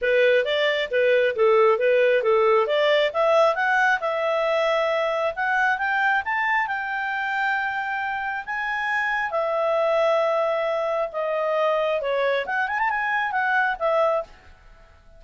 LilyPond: \new Staff \with { instrumentName = "clarinet" } { \time 4/4 \tempo 4 = 135 b'4 d''4 b'4 a'4 | b'4 a'4 d''4 e''4 | fis''4 e''2. | fis''4 g''4 a''4 g''4~ |
g''2. gis''4~ | gis''4 e''2.~ | e''4 dis''2 cis''4 | fis''8 gis''16 a''16 gis''4 fis''4 e''4 | }